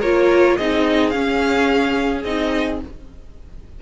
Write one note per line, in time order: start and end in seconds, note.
0.00 0.59 A#3
0.00 0.59 F4
0.00 0.56 A#4
0.00 0.58 C#5
0.57 1.15 C4
0.57 1.13 D#4
0.57 2.82 G#4
0.57 1.10 D#5
1.10 2.25 C#4
1.10 2.22 F5
2.25 2.81 C4
2.25 2.82 D#4
2.25 2.81 D#5